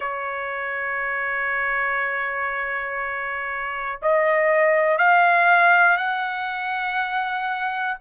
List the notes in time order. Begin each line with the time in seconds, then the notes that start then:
0.00 C#5
4.01 D#5
4.98 F5
5.97 F#5